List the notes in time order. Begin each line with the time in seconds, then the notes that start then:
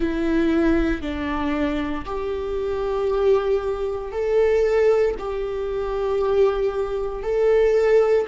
0.00 E4
1.01 D4
2.05 G4
4.11 A4
5.19 G4
7.22 A4